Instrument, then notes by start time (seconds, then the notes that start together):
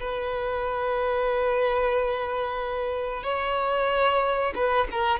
violin
0.00 B4
3.23 C#5
4.55 B4
4.91 A#4